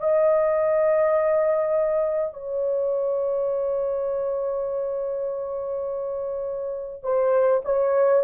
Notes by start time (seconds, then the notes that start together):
0.00 D#5
2.33 C#5
7.03 C5
7.65 C#5